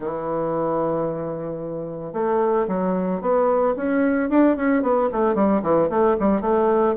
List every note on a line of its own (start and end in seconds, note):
0.00 2.13 E3
2.13 2.66 A3
2.67 3.21 F#3
3.21 3.74 B3
3.76 4.29 C#4
4.29 4.56 D4
4.56 4.82 C#4
4.82 5.09 B3
5.12 5.34 A3
5.34 5.61 G3
5.62 5.89 E3
5.89 6.16 A3
6.19 6.41 G3
6.41 6.94 A3